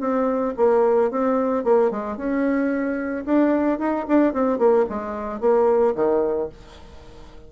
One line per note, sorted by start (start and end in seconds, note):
0.00 0.54 C4
0.57 1.11 A#3
1.11 1.64 C4
1.64 1.91 A#3
1.91 2.17 G#3
2.17 3.25 C#4
3.25 3.79 D4
3.79 4.06 D#4
4.08 4.33 D4
4.33 4.58 C4
4.58 4.85 A#3
4.89 5.41 G#3
5.41 5.95 A#3
5.95 6.49 D#3